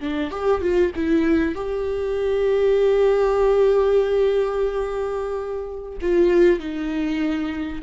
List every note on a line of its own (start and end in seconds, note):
0.00 0.31 D4
0.31 0.61 G4
0.61 0.92 F4
0.95 1.55 E4
1.55 5.99 G4
6.01 6.60 F4
6.60 7.82 D#4